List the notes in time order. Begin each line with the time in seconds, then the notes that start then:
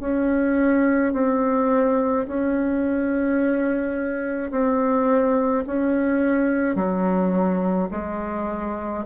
0.00 C#4
1.13 C4
2.28 C#4
4.51 C4
5.67 C#4
6.76 F#3
7.91 G#3